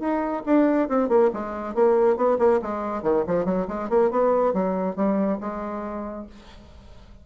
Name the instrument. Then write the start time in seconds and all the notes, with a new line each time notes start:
bassoon
0.00 D#4
0.46 D4
0.89 C4
1.09 A#3
1.33 G#3
1.75 A#3
2.17 B3
2.39 A#3
2.62 G#3
3.03 D#3
3.27 F3
3.45 F#3
3.68 G#3
3.89 A#3
4.11 B3
4.54 F#3
4.96 G3
5.41 G#3